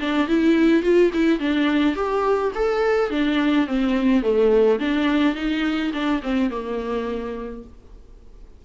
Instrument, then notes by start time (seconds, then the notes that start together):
viola
0.00 D4
0.28 E4
0.83 F4
1.13 E4
1.39 D4
1.95 G4
2.55 A4
3.10 D4
3.67 C4
4.23 A3
4.80 D4
5.35 D#4
5.93 D4
6.23 C4
6.50 A#3